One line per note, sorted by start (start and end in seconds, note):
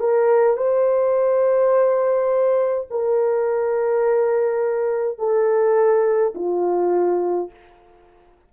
0.00 0.57 A#4
0.57 2.87 C5
2.90 5.18 A#4
5.18 6.34 A4
6.35 7.50 F4